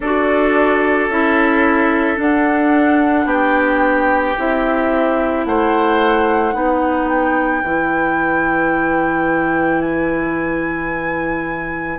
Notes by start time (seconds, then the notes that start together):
0.00 D4 F#4 A4 D5
1.08 C#4 E4 E5
2.15 D4 F#5
3.25 B3 G4 G5
4.38 C4 E4 E5
5.45 A3 C5 F#5
6.52 B3 D#4 B4
7.08 G5
7.63 E3 E4
9.81 G#5